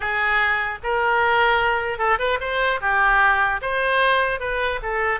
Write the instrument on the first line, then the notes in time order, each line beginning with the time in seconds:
oboe
0.00 G#4
0.83 A#4
1.98 A4
2.18 B4
2.40 C5
2.80 G4
3.61 C5
4.40 B4
4.82 A4